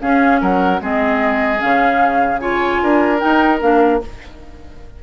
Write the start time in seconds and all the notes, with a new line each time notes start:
0.00 C#4 G#4 F5
0.41 F#3 A#4 F#5
0.80 G#3 C4 G#4 D#5
1.59 C#3 C#4 F5
2.39 F4 C#5 G#5
2.82 D4 A#4
3.19 D#4 G5
3.61 A#3 D4 F5